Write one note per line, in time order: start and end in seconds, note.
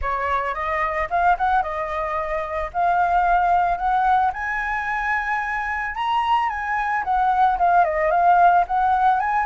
0.01 0.54 C#5
0.54 1.08 D#5
1.10 1.37 F5
1.37 1.62 F#5
1.62 2.70 D#5
2.73 3.77 F5
3.77 4.31 F#5
4.33 5.95 G#5
5.95 6.49 A#5
6.49 7.03 G#5
7.04 7.58 F#5
7.58 7.84 F5
7.84 8.10 D#5
8.10 8.64 F5
8.67 9.19 F#5
9.19 9.45 G#5